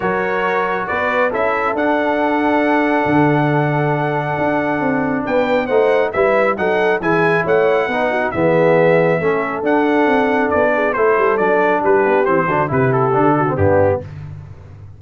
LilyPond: <<
  \new Staff \with { instrumentName = "trumpet" } { \time 4/4 \tempo 4 = 137 cis''2 d''4 e''4 | fis''1~ | fis''1 | g''4 fis''4 e''4 fis''4 |
gis''4 fis''2 e''4~ | e''2 fis''2 | d''4 c''4 d''4 b'4 | c''4 b'8 a'4. g'4 | }
  \new Staff \with { instrumentName = "horn" } { \time 4/4 ais'2 b'4 a'4~ | a'1~ | a'1 | b'4 c''4 b'4 a'4 |
gis'4 cis''4 b'8 fis'8 gis'4~ | gis'4 a'2.~ | a'8 gis'8 a'2 g'4~ | g'8 fis'8 g'4. fis'8 d'4 | }
  \new Staff \with { instrumentName = "trombone" } { \time 4/4 fis'2. e'4 | d'1~ | d'1~ | d'4 dis'4 e'4 dis'4 |
e'2 dis'4 b4~ | b4 cis'4 d'2~ | d'4 e'4 d'2 | c'8 d'8 e'4 d'8. c'16 b4 | }
  \new Staff \with { instrumentName = "tuba" } { \time 4/4 fis2 b4 cis'4 | d'2. d4~ | d2 d'4 c'4 | b4 a4 g4 fis4 |
e4 a4 b4 e4~ | e4 a4 d'4 c'4 | b4 a8 g8 fis4 g8 b8 | e8 d8 c4 d4 g,4 | }
>>